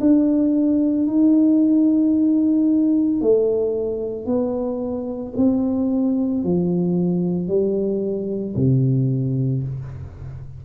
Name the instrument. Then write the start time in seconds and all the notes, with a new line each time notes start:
tuba
0.00 D4
1.07 D#4
3.21 A3
4.26 B3
5.36 C4
6.43 F3
7.48 G3
8.56 C3